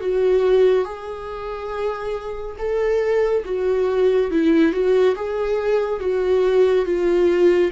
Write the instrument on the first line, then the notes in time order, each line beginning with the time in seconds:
viola
0.00 F#4
0.85 G#4
2.58 A4
3.45 F#4
4.31 E4
4.72 F#4
5.15 G#4
6.00 F#4
6.85 F4